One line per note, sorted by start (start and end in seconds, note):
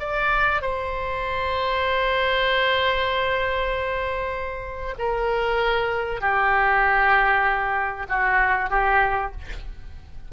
0.00 0.62 D5
0.62 4.95 C5
4.99 6.21 A#4
6.21 8.07 G4
8.09 8.70 F#4
8.70 9.32 G4